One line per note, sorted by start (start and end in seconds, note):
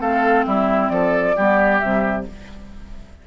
0.00 0.45 A3
0.00 1.36 C4
0.00 0.46 A4
0.00 0.46 F5
0.46 0.90 G3
0.46 0.92 E4
0.46 0.90 E5
0.90 1.36 F3
0.90 1.36 A4
0.90 1.79 D5
1.36 1.82 G3
1.36 1.82 B3
1.36 2.27 G4
1.79 2.28 C3
1.79 2.27 G3
1.79 2.24 E5